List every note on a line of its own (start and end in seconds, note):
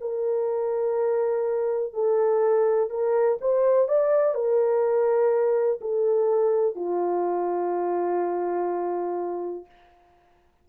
0.00 1.93 A#4
1.93 2.89 A4
2.89 3.38 A#4
3.40 3.88 C5
3.88 4.34 D5
4.34 5.79 A#4
5.81 6.75 A4
6.75 9.65 F4